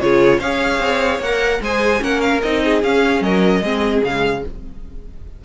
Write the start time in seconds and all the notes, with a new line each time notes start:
0.00 C#3 F4 G#4 C#5
0.38 C#4 G#4 C#5 F5
0.79 C4
1.19 A#3 A#4 F#5
1.60 G#3 G#4 C5 G#5
1.99 A#3 C#4 A#4 F#5
2.20 F5
2.42 C4 D#4 D#5
2.64 G#4
2.82 C#4 F5
3.20 F#3 A#4 D#5
3.61 G#3 C4 G#4
4.03 C#3 G#3 F5